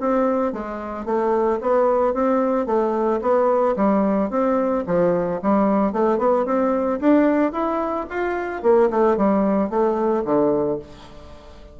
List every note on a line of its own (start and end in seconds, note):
0.00 0.52 C4
0.52 1.05 G#3
1.05 1.59 A3
1.61 2.14 B3
2.14 2.66 C4
2.66 3.20 A3
3.21 3.75 B3
3.76 4.30 G3
4.30 4.84 C4
4.86 5.41 F3
5.42 5.92 G3
5.92 6.18 A3
6.18 6.45 B3
6.45 6.99 C4
7.00 7.52 D4
7.52 8.06 E4
8.10 8.62 F4
8.62 8.89 A#3
8.90 9.17 A3
9.17 9.70 G3
9.70 10.24 A3
10.25 10.79 D3